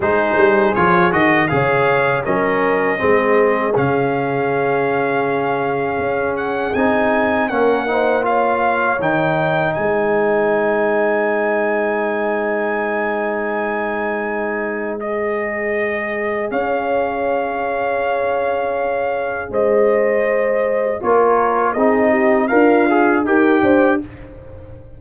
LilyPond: <<
  \new Staff \with { instrumentName = "trumpet" } { \time 4/4 \tempo 4 = 80 c''4 cis''8 dis''8 f''4 dis''4~ | dis''4 f''2.~ | f''8 fis''8 gis''4 fis''4 f''4 | g''4 gis''2.~ |
gis''1 | dis''2 f''2~ | f''2 dis''2 | cis''4 dis''4 f''4 g''4 | }
  \new Staff \with { instrumentName = "horn" } { \time 4/4 gis'2 cis''4 ais'4 | gis'1~ | gis'2 ais'8 c''8 cis''4~ | cis''4 c''2.~ |
c''1~ | c''2 cis''2~ | cis''2 c''2 | ais'4 gis'8 g'8 f'4 ais'8 c''8 | }
  \new Staff \with { instrumentName = "trombone" } { \time 4/4 dis'4 f'8 fis'8 gis'4 cis'4 | c'4 cis'2.~ | cis'4 dis'4 cis'8 dis'8 f'4 | dis'1~ |
dis'1 | gis'1~ | gis'1 | f'4 dis'4 ais'8 gis'8 g'4 | }
  \new Staff \with { instrumentName = "tuba" } { \time 4/4 gis8 g8 f8 dis8 cis4 fis4 | gis4 cis2. | cis'4 c'4 ais2 | dis4 gis2.~ |
gis1~ | gis2 cis'2~ | cis'2 gis2 | ais4 c'4 d'4 dis'8 d'8 | }
>>